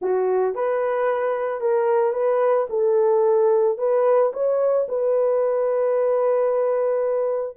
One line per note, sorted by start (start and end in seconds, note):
0.01 0.55 F#4
0.55 1.60 B4
1.60 2.13 A#4
2.13 2.67 B4
2.69 3.77 A4
3.77 4.31 B4
4.33 4.87 C#5
4.88 7.57 B4